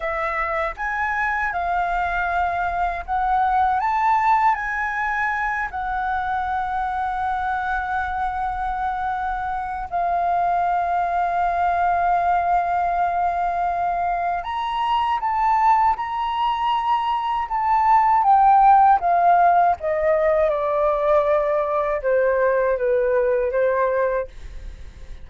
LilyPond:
\new Staff \with { instrumentName = "flute" } { \time 4/4 \tempo 4 = 79 e''4 gis''4 f''2 | fis''4 a''4 gis''4. fis''8~ | fis''1~ | fis''4 f''2.~ |
f''2. ais''4 | a''4 ais''2 a''4 | g''4 f''4 dis''4 d''4~ | d''4 c''4 b'4 c''4 | }